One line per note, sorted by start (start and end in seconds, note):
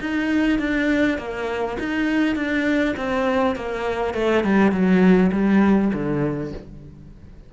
0.00 0.59 D#4
0.59 1.18 D4
1.18 1.77 A#3
1.79 2.35 D#4
2.35 2.95 D4
2.96 3.55 C4
3.55 4.14 A#3
4.14 4.43 A3
4.44 4.71 G3
4.71 5.31 F#3
5.32 5.91 G3
5.93 6.53 D3